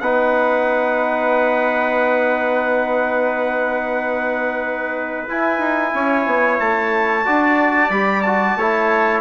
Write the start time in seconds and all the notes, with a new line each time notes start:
0.00 B3 D#4 B4 F#5
5.28 E4 G#5
5.59 D#4
5.95 C#4 C#5
6.26 B3
6.60 A3 A5
7.25 D4 F#4 D5
7.90 G3 G4 B5
8.22 F#4 A5
8.56 A3 E4 C#5